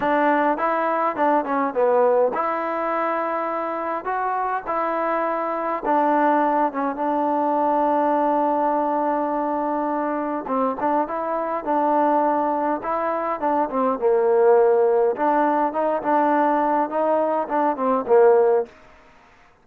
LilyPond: \new Staff \with { instrumentName = "trombone" } { \time 4/4 \tempo 4 = 103 d'4 e'4 d'8 cis'8 b4 | e'2. fis'4 | e'2 d'4. cis'8 | d'1~ |
d'2 c'8 d'8 e'4 | d'2 e'4 d'8 c'8 | ais2 d'4 dis'8 d'8~ | d'4 dis'4 d'8 c'8 ais4 | }